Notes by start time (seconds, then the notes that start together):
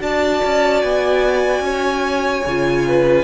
0.00 D4 F#4 D5 A5
0.44 C#4
0.82 B3 G#5
1.61 C#4 C#5
2.46 C#3 F4
2.88 B4